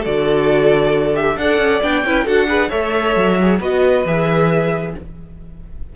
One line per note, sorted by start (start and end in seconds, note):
0.00 1.37 D3
0.00 1.14 F#4
0.00 1.33 A4
0.00 1.16 D5
1.14 1.36 G4
1.14 1.37 E5
1.37 1.58 D4
1.37 1.82 A4
1.37 2.06 D5
1.37 1.82 F#5
1.58 1.80 C#4
1.82 2.04 B3
1.82 2.05 D4
1.82 2.27 G5
2.04 2.26 C#4
2.04 2.26 E4
2.04 2.25 B4
2.25 2.71 D4
2.25 2.47 F#4
2.25 2.47 A4
2.25 2.70 F#5
2.47 2.70 G#4
2.47 2.69 B4
2.69 3.16 A3
2.69 3.36 A4
2.69 3.58 C#5
2.69 3.59 E5
3.16 3.60 F#3
3.41 3.60 G#4
3.60 4.04 B3
3.60 4.05 F#4
3.60 4.93 B4
3.60 4.07 D#5
4.06 4.95 E3
4.06 4.95 G#4
4.06 4.96 E5